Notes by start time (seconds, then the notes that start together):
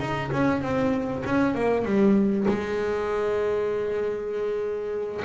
0.00 D#4
0.32 C#4
0.62 C4
1.26 C#4
1.55 A#3
1.85 G3
2.48 G#3